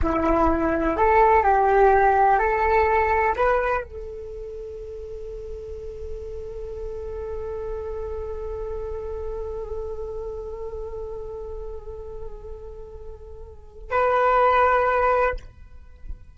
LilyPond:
\new Staff \with { instrumentName = "flute" } { \time 4/4 \tempo 4 = 125 e'2 a'4 g'4~ | g'4 a'2 b'4 | a'1~ | a'1~ |
a'1~ | a'1~ | a'1~ | a'4 b'2. | }